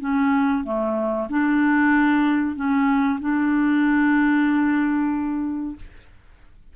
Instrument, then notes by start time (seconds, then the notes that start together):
clarinet
0.00 C#4
0.64 A3
1.29 D4
2.55 C#4
3.20 D4